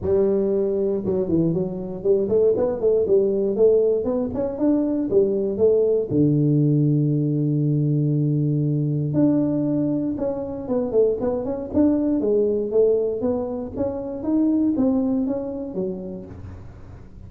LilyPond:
\new Staff \with { instrumentName = "tuba" } { \time 4/4 \tempo 4 = 118 g2 fis8 e8 fis4 | g8 a8 b8 a8 g4 a4 | b8 cis'8 d'4 g4 a4 | d1~ |
d2 d'2 | cis'4 b8 a8 b8 cis'8 d'4 | gis4 a4 b4 cis'4 | dis'4 c'4 cis'4 fis4 | }